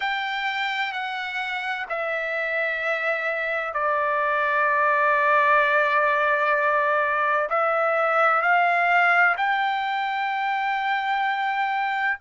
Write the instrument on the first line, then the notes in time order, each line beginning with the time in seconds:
trumpet
0.00 G5
0.92 F#5
1.89 E5
3.73 D5
7.49 E5
8.42 F5
9.37 G5